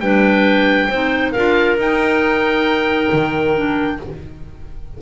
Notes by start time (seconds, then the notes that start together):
0.00 G3 D4 B4 G5
0.89 C4 D#4 C5
1.32 D4 F4 A#4 F5
1.77 D#4 G5
3.12 D#3
3.55 D4